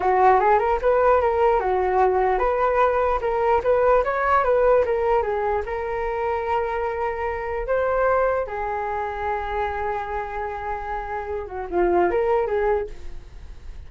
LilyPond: \new Staff \with { instrumentName = "flute" } { \time 4/4 \tempo 4 = 149 fis'4 gis'8 ais'8 b'4 ais'4 | fis'2 b'2 | ais'4 b'4 cis''4 b'4 | ais'4 gis'4 ais'2~ |
ais'2. c''4~ | c''4 gis'2.~ | gis'1~ | gis'8 fis'8 f'4 ais'4 gis'4 | }